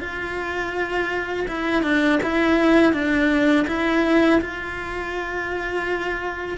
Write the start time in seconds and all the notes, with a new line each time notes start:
0.00 F4
1.48 E4
1.83 D4
2.23 E4
2.93 D4
3.68 E4
4.41 F4